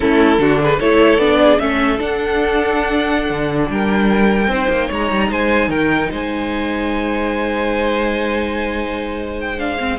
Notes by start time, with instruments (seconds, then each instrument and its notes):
0.00 cello A3, viola C#4, violin E4 A4
0.38 cello D3, viola D4, violin F#4
0.62 violin G#4 B4
0.78 cello A3, viola E4, violin A4 C#5
1.18 cello B3, viola D4, violin D5
1.42 violin G#4
1.59 cello A3, viola C#4, violin A4 E5
1.98 viola D4, cello D4, violin F#5
3.29 cello D3
3.70 cello G3, violin A#4 G5
4.47 cello C4, viola D#4, violin C5
4.69 cello A#3
4.87 cello G#3, violin C#5 A#5
5.11 cello G3
5.30 cello G#3, violin C5 G#5
5.68 cello D#3, violin A#4 G5
6.11 cello G#3, violin C5 G#5
9.40 violin G5
9.58 viola D4, violin F5
9.79 viola C4